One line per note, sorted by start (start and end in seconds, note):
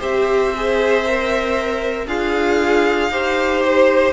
0.00 2.07 C4
0.00 0.52 G4
0.00 2.07 C5
0.00 2.08 E5
0.57 1.07 G#4
1.07 2.08 A#4
2.07 3.09 D4
2.07 3.12 F4
2.07 3.12 G#4
2.07 3.63 F5
3.09 4.12 D#4
3.09 4.14 G4
3.09 4.14 C5
3.65 4.14 C5